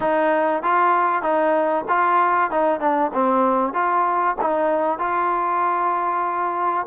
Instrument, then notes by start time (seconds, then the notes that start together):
trombone
0.00 D#4
0.62 F4
1.22 D#4
1.88 F4
2.51 D#4
2.80 D4
3.13 C4
3.73 F4
4.40 D#4
4.99 F4